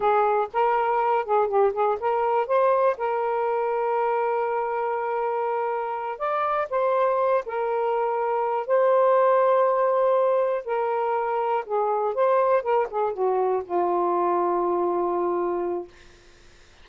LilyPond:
\new Staff \with { instrumentName = "saxophone" } { \time 4/4 \tempo 4 = 121 gis'4 ais'4. gis'8 g'8 gis'8 | ais'4 c''4 ais'2~ | ais'1~ | ais'8 d''4 c''4. ais'4~ |
ais'4. c''2~ c''8~ | c''4. ais'2 gis'8~ | gis'8 c''4 ais'8 gis'8 fis'4 f'8~ | f'1 | }